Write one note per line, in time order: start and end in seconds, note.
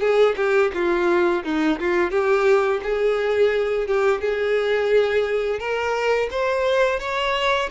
0.00 0.35 G#4
0.36 0.71 G4
0.74 1.43 F4
1.44 1.79 D#4
1.79 2.11 F4
2.11 2.80 G4
2.83 3.87 G#4
3.87 4.20 G4
4.20 5.59 G#4
5.59 6.29 A#4
6.30 6.99 C5
6.99 7.69 C#5